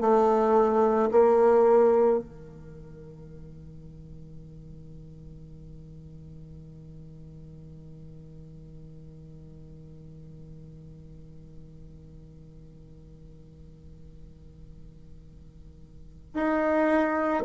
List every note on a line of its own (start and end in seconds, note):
0.00 1.09 A3
1.11 2.19 A#3
2.19 16.34 D#3
16.34 17.43 D#4